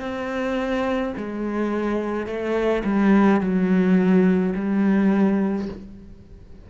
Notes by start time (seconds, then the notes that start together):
0.00 C4
1.17 G#3
2.26 A3
2.84 G3
3.41 F#3
4.55 G3